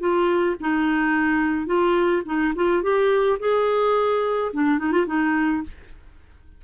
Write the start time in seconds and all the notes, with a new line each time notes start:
0.00 F4
0.61 D#4
1.67 F4
2.26 D#4
2.56 F4
2.83 G4
3.40 G#4
4.53 D4
4.79 D#4
4.92 F4
5.07 D#4